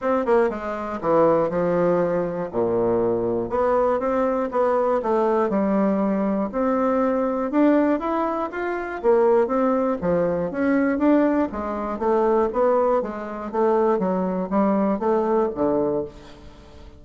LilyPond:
\new Staff \with { instrumentName = "bassoon" } { \time 4/4 \tempo 4 = 120 c'8 ais8 gis4 e4 f4~ | f4 ais,2 b4 | c'4 b4 a4 g4~ | g4 c'2 d'4 |
e'4 f'4 ais4 c'4 | f4 cis'4 d'4 gis4 | a4 b4 gis4 a4 | fis4 g4 a4 d4 | }